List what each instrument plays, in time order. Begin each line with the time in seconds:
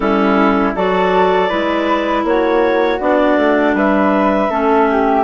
0.00 bassoon G3, clarinet C#4 A4, flute E4
0.75 bassoon F#3, clarinet F#4 D5, flute A4
1.48 bassoon G#3, clarinet E4, flute B4
2.24 bassoon A#3, flute F#4, clarinet C#5
3.00 bassoon B3, clarinet D4 D5
3.37 bassoon A3
3.73 bassoon G3, flute B4, clarinet E5
4.50 bassoon A3, clarinet C#4, flute A4
4.91 flute G4